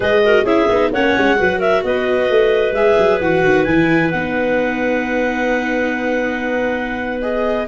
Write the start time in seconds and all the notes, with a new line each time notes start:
0.00 G#3 G#4 B4 D#5
0.24 F#4 A#4
0.44 C#4 E4 G#4 E5
0.68 B3 D#4
0.92 A#3 C#4 C#5 F#5
1.17 G#3
1.37 F#3 F#4 B4
1.58 A#4 E5
1.83 B3 B4 D#5
2.29 A3
2.72 G#3 G#4 E5
2.98 F#3
3.20 E3 F#4 F#5
3.44 D#3
3.64 E3 E4 G#5
4.10 B3 D#4 F#5
7.21 G#4 D#5